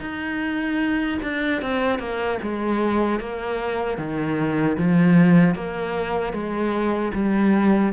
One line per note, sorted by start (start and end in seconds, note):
0.00 1.18 D#4
1.22 1.61 D4
1.61 1.99 C4
1.99 2.38 A#3
2.42 3.20 G#3
3.20 3.98 A#3
3.98 4.77 D#3
4.77 5.55 F3
5.55 6.33 A#3
6.33 7.12 G#3
7.13 7.92 G3